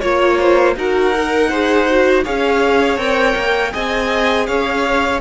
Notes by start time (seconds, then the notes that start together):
0.00 A#3 F4 C#5
0.38 C5
0.76 D#4 F#4 A#4 F#5
1.14 A#4
1.50 G#4 C5
1.89 F#4
2.24 C#4 G#4 C#5 F5
2.97 C4 A#4 G5
3.35 A#3
3.71 C4 G#4 D#5 G#5
4.46 C#4 C#5 F5